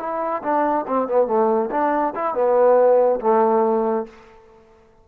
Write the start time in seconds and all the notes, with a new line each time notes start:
0.00 E4
0.43 D4
0.88 C4
1.08 B3
1.28 A3
1.71 D4
2.16 E4
2.35 B3
3.21 A3